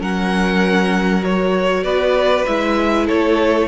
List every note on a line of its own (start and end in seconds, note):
0.00 1.83 F#3
0.00 1.23 C#4
0.00 1.84 A#4
0.00 1.24 F#5
1.23 2.45 F#4
1.23 1.84 C#5
1.83 2.45 B3
1.83 3.06 B4
1.83 2.45 D5
2.46 3.09 G#3
2.46 3.68 E4
2.46 3.07 E5
3.06 3.68 A3
3.06 3.67 A4
3.06 3.68 C#5